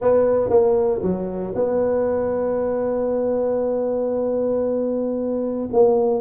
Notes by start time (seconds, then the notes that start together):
0.01 B3
0.49 A#3
1.02 F#3
1.55 B3
5.72 A#3